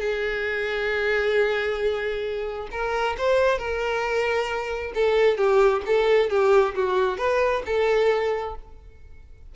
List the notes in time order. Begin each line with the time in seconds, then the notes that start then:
0.00 G#4
2.72 A#4
3.18 C5
3.59 A#4
4.95 A4
5.38 G4
5.87 A4
6.30 G4
6.75 F#4
7.18 B4
7.66 A4